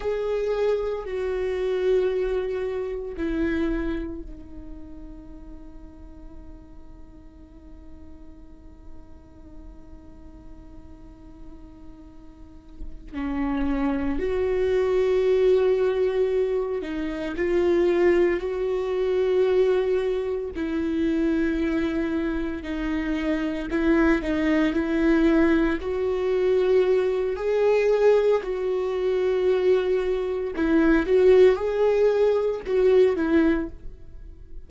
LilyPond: \new Staff \with { instrumentName = "viola" } { \time 4/4 \tempo 4 = 57 gis'4 fis'2 e'4 | dis'1~ | dis'1~ | dis'8 cis'4 fis'2~ fis'8 |
dis'8 f'4 fis'2 e'8~ | e'4. dis'4 e'8 dis'8 e'8~ | e'8 fis'4. gis'4 fis'4~ | fis'4 e'8 fis'8 gis'4 fis'8 e'8 | }